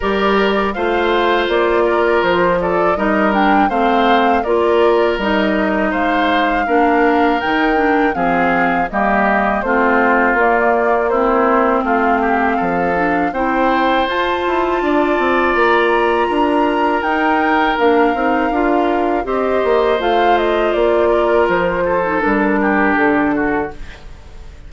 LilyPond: <<
  \new Staff \with { instrumentName = "flute" } { \time 4/4 \tempo 4 = 81 d''4 f''4 d''4 c''8 d''8 | dis''8 g''8 f''4 d''4 dis''4 | f''2 g''4 f''4 | dis''4 c''4 d''4 c''4 |
f''2 g''4 a''4~ | a''4 ais''2 g''4 | f''2 dis''4 f''8 dis''8 | d''4 c''4 ais'4 a'4 | }
  \new Staff \with { instrumentName = "oboe" } { \time 4/4 ais'4 c''4. ais'4 a'8 | ais'4 c''4 ais'2 | c''4 ais'2 gis'4 | g'4 f'2 e'4 |
f'8 g'8 a'4 c''2 | d''2 ais'2~ | ais'2 c''2~ | c''8 ais'4 a'4 g'4 fis'8 | }
  \new Staff \with { instrumentName = "clarinet" } { \time 4/4 g'4 f'2. | dis'8 d'8 c'4 f'4 dis'4~ | dis'4 d'4 dis'8 d'8 c'4 | ais4 c'4 ais4 c'4~ |
c'4. d'8 e'4 f'4~ | f'2. dis'4 | d'8 dis'8 f'4 g'4 f'4~ | f'4.~ f'16 dis'16 d'2 | }
  \new Staff \with { instrumentName = "bassoon" } { \time 4/4 g4 a4 ais4 f4 | g4 a4 ais4 g4 | gis4 ais4 dis4 f4 | g4 a4 ais2 |
a4 f4 c'4 f'8 e'8 | d'8 c'8 ais4 d'4 dis'4 | ais8 c'8 d'4 c'8 ais8 a4 | ais4 f4 g4 d4 | }
>>